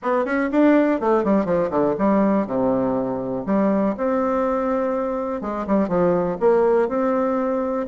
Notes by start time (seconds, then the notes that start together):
0.02 B3
0.25 C#4
0.51 D4
1.00 A3
1.24 G3
1.45 F3
1.70 D3
1.98 G3
2.46 C3
3.46 G3
3.97 C4
5.41 G#3
5.66 G3
5.88 F3
6.40 A#3
6.88 C4